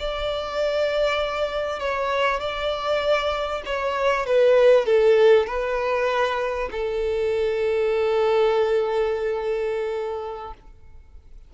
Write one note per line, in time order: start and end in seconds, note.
0.00 1.80 D5
1.80 2.40 C#5
2.40 3.63 D5
3.66 4.27 C#5
4.27 4.86 B4
4.86 5.47 A4
5.47 6.70 B4
6.72 10.54 A4